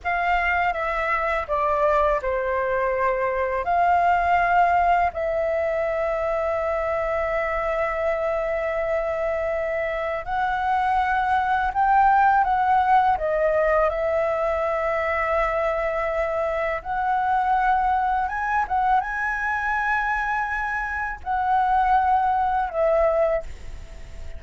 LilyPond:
\new Staff \with { instrumentName = "flute" } { \time 4/4 \tempo 4 = 82 f''4 e''4 d''4 c''4~ | c''4 f''2 e''4~ | e''1~ | e''2 fis''2 |
g''4 fis''4 dis''4 e''4~ | e''2. fis''4~ | fis''4 gis''8 fis''8 gis''2~ | gis''4 fis''2 e''4 | }